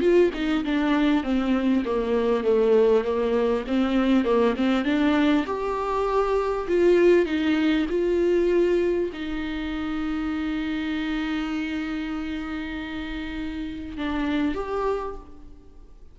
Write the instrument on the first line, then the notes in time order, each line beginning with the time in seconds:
viola
0.00 F4
0.34 D#4
0.64 D4
1.23 C4
1.85 A#3
2.44 A3
3.04 A#3
3.67 C4
4.24 A#3
4.56 C4
4.85 D4
5.46 G4
6.67 F4
7.26 D#4
7.89 F4
9.13 D#4
13.97 D4
14.55 G4